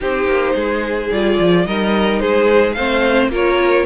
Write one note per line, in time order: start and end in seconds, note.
0.00 0.26 C4
0.00 1.11 D#4
0.00 0.54 G4
0.00 1.11 C5
0.26 0.54 A#3
0.54 1.10 G#3
0.54 1.64 G#4
1.11 1.39 G3
1.11 1.66 F4
1.11 1.66 D5
1.39 1.66 F3
1.66 2.21 G3
1.66 2.76 D#4
1.66 2.21 A#4
1.66 2.19 D#5
2.19 2.76 G#3
2.19 2.76 G#4
2.19 2.72 C5
2.72 3.28 A3
2.72 3.30 C4
2.72 3.31 C5
2.72 3.27 F5
3.28 3.83 A#3
3.28 3.85 F4
3.28 3.85 A#4
3.35 3.85 C#5